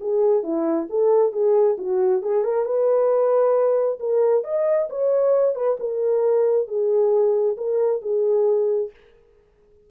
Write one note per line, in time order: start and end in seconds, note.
0.00 0.43 G#4
0.43 0.87 E4
0.89 1.32 A4
1.32 1.76 G#4
1.78 2.22 F#4
2.22 2.43 G#4
2.43 2.65 A#4
2.65 3.98 B4
3.99 4.44 A#4
4.44 4.88 D#5
4.89 5.55 C#5
5.55 5.77 B4
5.79 6.67 A#4
6.67 7.56 G#4
7.57 8.01 A#4
8.01 8.90 G#4